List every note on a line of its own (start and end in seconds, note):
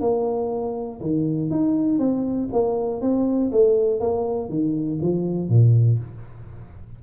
0.00 1.00 A#3
1.00 1.50 D#3
1.50 1.98 D#4
1.98 2.48 C4
2.52 3.01 A#3
3.01 3.51 C4
3.51 4.00 A3
4.00 4.49 A#3
4.49 4.99 D#3
5.01 5.48 F3
5.48 5.98 A#2